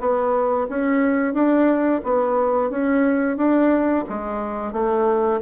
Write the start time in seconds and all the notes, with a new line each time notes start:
0.00 B3
0.70 C#4
1.34 D4
2.04 B3
2.71 C#4
3.37 D4
4.09 G#3
4.73 A3